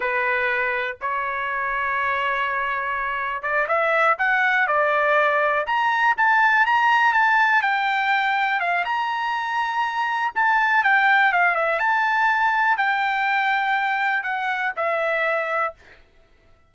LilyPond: \new Staff \with { instrumentName = "trumpet" } { \time 4/4 \tempo 4 = 122 b'2 cis''2~ | cis''2. d''8 e''8~ | e''8 fis''4 d''2 ais''8~ | ais''8 a''4 ais''4 a''4 g''8~ |
g''4. f''8 ais''2~ | ais''4 a''4 g''4 f''8 e''8 | a''2 g''2~ | g''4 fis''4 e''2 | }